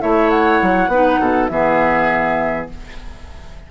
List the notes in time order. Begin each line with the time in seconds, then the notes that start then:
0.00 A3 E4 C#5 E5
0.30 F#5
0.62 F#3
0.87 B3 D#4 B4
1.20 B2 A4
1.48 E3 B3 G#4 E5